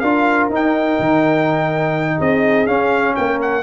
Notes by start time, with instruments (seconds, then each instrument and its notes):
0.00 tuba D4, trombone F4, horn A#4, trumpet F5
0.50 tuba D#4, trombone D#4, trumpet G5
1.00 tuba D#3
2.18 tuba C4, horn G#4, trumpet D#5
2.67 tuba C#4, trombone C#4, trumpet F5
3.16 tuba A#3, horn A#4, trumpet G5
3.42 trumpet F#5